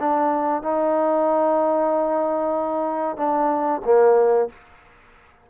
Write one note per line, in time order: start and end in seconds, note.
0.00 0.63 D4
0.63 3.17 D#4
3.17 3.82 D4
3.85 4.50 A#3